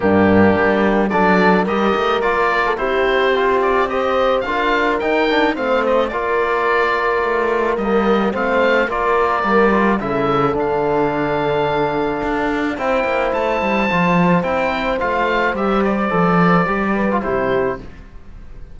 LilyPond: <<
  \new Staff \with { instrumentName = "oboe" } { \time 4/4 \tempo 4 = 108 g'2 d''4 dis''4 | d''4 c''4. d''8 dis''4 | f''4 g''4 f''8 dis''8 d''4~ | d''2 dis''4 f''4 |
d''2 e''4 f''4~ | f''2. g''4 | a''2 g''4 f''4 | e''8 d''2~ d''8 c''4 | }
  \new Staff \with { instrumentName = "horn" } { \time 4/4 d'2 a'4 ais'4~ | ais'8. a'16 g'2 c''4 | ais'2 c''4 ais'4~ | ais'2. c''4 |
ais'2 a'2~ | a'2. c''4~ | c''1~ | c''2~ c''8 b'8 g'4 | }
  \new Staff \with { instrumentName = "trombone" } { \time 4/4 ais2 d'4 g'4 | f'4 e'4 f'4 g'4 | f'4 dis'8 d'8 c'4 f'4~ | f'2 ais4 c'4 |
f'4 ais8 f'8 e'4 d'4~ | d'2. e'4~ | e'4 f'4 e'4 f'4 | g'4 a'4 g'8. f'16 e'4 | }
  \new Staff \with { instrumentName = "cello" } { \time 4/4 g,4 g4 fis4 g8 a8 | ais4 c'2. | d'4 dis'4 a4 ais4~ | ais4 a4 g4 a4 |
ais4 g4 cis4 d4~ | d2 d'4 c'8 ais8 | a8 g8 f4 c'4 a4 | g4 f4 g4 c4 | }
>>